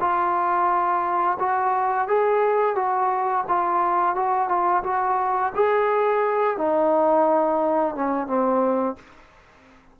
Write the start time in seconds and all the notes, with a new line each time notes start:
0.00 F4
1.40 F#4
2.08 G#4
2.76 F#4
3.48 F4
4.16 F#4
4.49 F4
4.84 F#4
5.55 G#4
6.58 D#4
7.95 C#4
8.27 C4